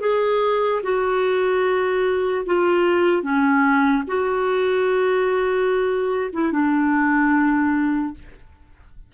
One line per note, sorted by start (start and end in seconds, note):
0.00 0.81 G#4
0.83 2.45 F#4
2.46 3.22 F4
3.22 4.04 C#4
4.07 6.30 F#4
6.33 6.52 E4
6.52 8.14 D4